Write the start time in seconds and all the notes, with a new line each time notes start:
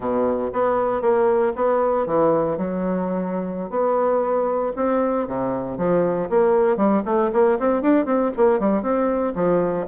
0.00 B2
0.52 B3
1.01 A#3
1.55 B3
2.06 E3
2.57 F#3
3.69 B3
4.76 C4
5.27 C3
5.77 F3
6.29 A#3
6.76 G3
7.05 A3
7.32 A#3
7.59 C4
7.82 D4
8.05 C4
8.36 A#3
8.59 G3
8.82 C4
9.35 F3